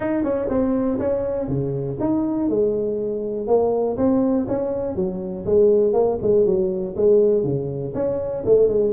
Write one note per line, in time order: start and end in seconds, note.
0.00 0.23 D#4
0.23 0.48 C#4
0.49 0.98 C4
0.99 1.48 C#4
1.48 1.97 C#3
2.00 2.49 D#4
2.49 3.47 G#3
3.47 3.96 A#3
3.97 4.47 C4
4.48 4.95 C#4
4.95 5.45 F#3
5.45 5.93 G#3
5.93 6.17 A#3
6.22 6.45 G#3
6.45 6.95 F#3
6.96 7.43 G#3
7.43 7.93 C#3
7.94 8.43 C#4
8.45 8.68 A3
8.68 8.93 G#3